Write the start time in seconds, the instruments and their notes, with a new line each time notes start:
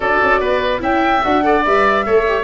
0.00 tuba D4, viola F#4, oboe A4, flute D5
0.22 tuba C#4
0.40 tuba B3, oboe B4
0.79 tuba C#4, viola E4, oboe E5, flute G5
1.22 tuba D4, viola F#4, flute F#5
1.42 viola A4, oboe D5
1.64 tuba G3, viola B4, flute E5
2.05 tuba A3, viola A4, oboe C#5
2.27 viola G4